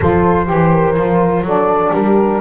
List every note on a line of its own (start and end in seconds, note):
0.00 0.49 F3
0.00 0.45 F4
0.00 0.48 A4
0.00 1.46 C5
0.45 0.96 E3
0.45 0.94 G4
0.51 0.72 G4
0.72 1.44 A#4
0.96 1.41 F3
0.96 1.45 F4
1.41 1.90 F#3
1.41 2.40 D4
1.41 1.93 A4
1.48 1.93 D5
1.93 2.40 G3
1.93 2.40 G4
1.93 2.40 A#4